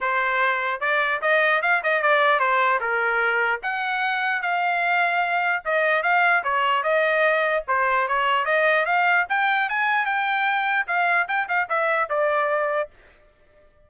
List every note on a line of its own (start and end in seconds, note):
0.01 0.80 C5
0.80 1.20 D5
1.21 1.61 D#5
1.62 1.82 F5
1.83 2.01 D#5
2.01 2.39 D5
2.39 2.79 C5
2.80 3.60 A#4
3.62 4.42 F#5
4.42 5.62 F5
5.64 6.03 D#5
6.03 6.43 F5
6.43 6.83 C#5
6.83 7.63 D#5
7.67 8.08 C5
8.08 8.45 C#5
8.45 8.85 D#5
8.85 9.26 F5
9.29 9.69 G5
9.69 10.05 G#5
10.05 10.86 G5
10.87 11.27 F5
11.28 11.48 G5
11.48 11.68 F5
11.69 12.09 E5
12.09 12.89 D5